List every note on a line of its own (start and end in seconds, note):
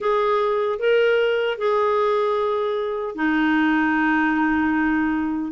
0.00 0.79 G#4
0.79 1.58 A#4
1.58 3.15 G#4
3.15 5.52 D#4